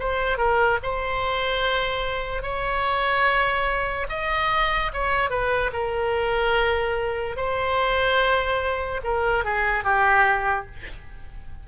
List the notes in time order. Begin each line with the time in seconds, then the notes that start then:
0.00 C5
0.38 A#4
0.83 C5
2.43 C#5
4.10 D#5
4.94 C#5
5.31 B4
5.73 A#4
7.37 C5
9.04 A#4
9.45 G#4
9.84 G4